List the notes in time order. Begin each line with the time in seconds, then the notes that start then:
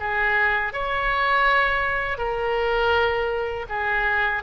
0.00 G#4
0.73 C#5
2.18 A#4
3.70 G#4